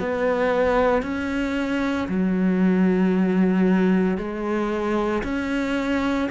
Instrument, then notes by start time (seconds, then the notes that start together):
cello
0.00 B3
1.03 C#4
2.09 F#3
4.18 G#3
5.24 C#4